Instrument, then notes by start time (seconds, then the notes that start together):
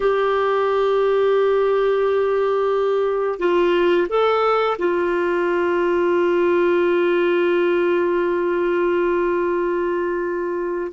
clarinet
0.00 G4
3.39 F4
4.09 A4
4.78 F4